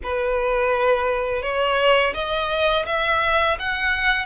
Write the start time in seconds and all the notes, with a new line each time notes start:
0.03 B4
1.42 C#5
2.14 D#5
2.86 E5
3.59 F#5